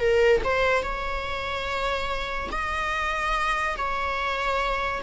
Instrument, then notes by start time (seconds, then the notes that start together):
viola
0.00 A#4
0.44 C5
0.83 C#5
2.52 D#5
3.77 C#5